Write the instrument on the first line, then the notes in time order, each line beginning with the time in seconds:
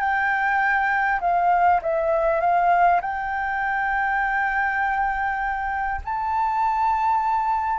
flute
0.00 G5
1.21 F5
1.83 E5
2.41 F5
3.01 G5
6.05 A5